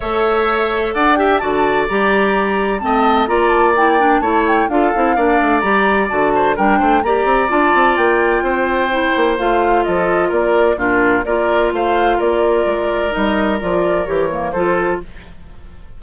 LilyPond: <<
  \new Staff \with { instrumentName = "flute" } { \time 4/4 \tempo 4 = 128 e''2 fis''8 g''8 a''4 | ais''2 a''4 ais''8 a''8 | g''4 a''8 g''8 f''2 | ais''4 a''4 g''4 ais''4 |
a''4 g''2. | f''4 dis''4 d''4 ais'4 | d''4 f''4 d''2 | dis''4 d''4 cis''4 c''4 | }
  \new Staff \with { instrumentName = "oboe" } { \time 4/4 cis''2 d''8 e''8 d''4~ | d''2 dis''4 d''4~ | d''4 cis''4 a'4 d''4~ | d''4. c''8 ais'8 c''8 d''4~ |
d''2 c''2~ | c''4 a'4 ais'4 f'4 | ais'4 c''4 ais'2~ | ais'2. a'4 | }
  \new Staff \with { instrumentName = "clarinet" } { \time 4/4 a'2~ a'8 g'8 fis'4 | g'2 c'4 f'4 | e'8 d'8 e'4 f'8 e'8 d'4 | g'4 fis'4 d'4 g'4 |
f'2. e'4 | f'2. d'4 | f'1 | dis'4 f'4 g'8 ais8 f'4 | }
  \new Staff \with { instrumentName = "bassoon" } { \time 4/4 a2 d'4 d4 | g2 a4 ais4~ | ais4 a4 d'8 c'8 ais8 a8 | g4 d4 g8 a8 ais8 c'8 |
d'8 c'8 ais4 c'4. ais8 | a4 f4 ais4 ais,4 | ais4 a4 ais4 gis4 | g4 f4 e4 f4 | }
>>